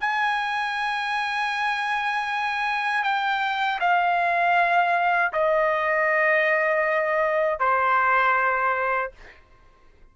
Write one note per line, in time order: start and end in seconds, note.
0.00 3.03 G#5
3.03 3.79 G5
3.80 5.32 F5
5.32 7.59 D#5
7.59 9.11 C5